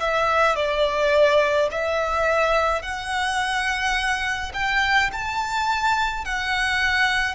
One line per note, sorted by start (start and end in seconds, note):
0.00 0.55 E5
0.55 1.68 D5
1.71 2.82 E5
2.82 4.52 F#5
4.53 5.10 G5
5.12 6.25 A5
6.25 7.34 F#5